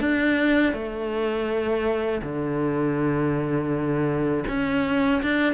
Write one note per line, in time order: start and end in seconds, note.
0.00 0.73 D4
0.73 2.21 A3
2.22 4.44 D3
4.48 5.22 C#4
5.22 5.53 D4